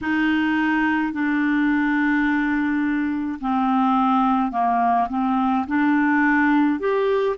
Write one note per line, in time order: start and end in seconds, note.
0.01 1.12 D#4
1.12 3.39 D4
3.40 4.51 C4
4.51 5.08 A#3
5.09 5.66 C4
5.67 6.79 D4
6.79 7.36 G4